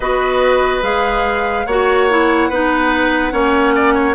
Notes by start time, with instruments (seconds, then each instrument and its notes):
0.00 bassoon B3, clarinet F#4, oboe B4, flute D#5
0.82 bassoon G#3, clarinet G#4, flute F5
1.66 bassoon A#3, clarinet F#4, oboe C#5, flute F#5
2.10 clarinet E4
2.49 bassoon B3, clarinet D#4, oboe B4
3.31 bassoon A#3, clarinet C#4, oboe C#5
3.74 oboe D5
3.94 oboe C#5